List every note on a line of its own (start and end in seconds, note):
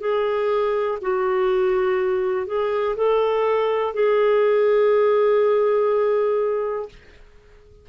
0.00 0.98 G#4
1.01 2.47 F#4
2.47 2.96 G#4
2.96 3.94 A4
3.94 6.89 G#4